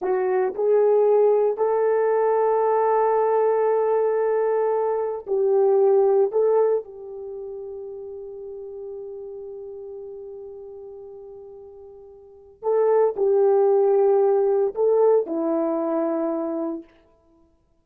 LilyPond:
\new Staff \with { instrumentName = "horn" } { \time 4/4 \tempo 4 = 114 fis'4 gis'2 a'4~ | a'1~ | a'2 g'2 | a'4 g'2.~ |
g'1~ | g'1 | a'4 g'2. | a'4 e'2. | }